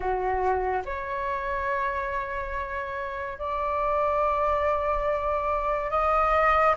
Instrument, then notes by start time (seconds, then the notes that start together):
flute
0.00 F#4
0.85 C#5
3.38 D5
5.90 D#5